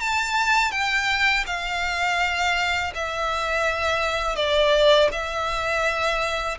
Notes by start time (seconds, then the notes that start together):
0.00 A5
0.71 G5
1.47 F5
2.95 E5
4.36 D5
5.12 E5